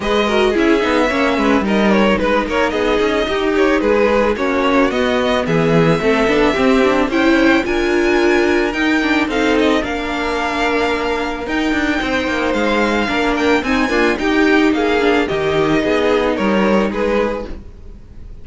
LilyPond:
<<
  \new Staff \with { instrumentName = "violin" } { \time 4/4 \tempo 4 = 110 dis''4 e''2 dis''8 cis''8 | b'8 cis''8 dis''4. cis''8 b'4 | cis''4 dis''4 e''2~ | e''4 g''4 gis''2 |
g''4 f''8 dis''8 f''2~ | f''4 g''2 f''4~ | f''8 g''8 gis''4 g''4 f''4 | dis''2 cis''4 b'4 | }
  \new Staff \with { instrumentName = "violin" } { \time 4/4 b'8 ais'8 gis'4 cis''8 b'8 ais'4 | b'8 ais'8 gis'4 g'4 gis'4 | fis'2 gis'4 a'4 | g'4 c''4 ais'2~ |
ais'4 a'4 ais'2~ | ais'2 c''2 | ais'4 dis'8 f'8 g'4 gis'4 | g'4 gis'4 ais'4 gis'4 | }
  \new Staff \with { instrumentName = "viola" } { \time 4/4 gis'8 fis'8 e'8 dis'8 cis'4 dis'4~ | dis'1 | cis'4 b2 c'8 d'8 | c'8 d'8 e'4 f'2 |
dis'8 d'8 dis'4 d'2~ | d'4 dis'2. | d'4 c'8 ais8 dis'4. d'8 | dis'1 | }
  \new Staff \with { instrumentName = "cello" } { \time 4/4 gis4 cis'8 b8 ais8 gis8 g4 | gis8 ais8 b8 cis'8 dis'4 gis4 | ais4 b4 e4 a8 b8 | c'4 cis'4 d'2 |
dis'4 c'4 ais2~ | ais4 dis'8 d'8 c'8 ais8 gis4 | ais4 c'8 d'8 dis'4 ais4 | dis4 b4 g4 gis4 | }
>>